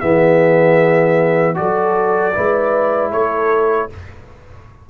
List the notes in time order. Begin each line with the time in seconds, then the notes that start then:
0.00 E3 B3 G#4 E5
1.55 F#3 F#4 A4 D5
2.34 G#3 E4 B4
3.12 A3 A4 C#5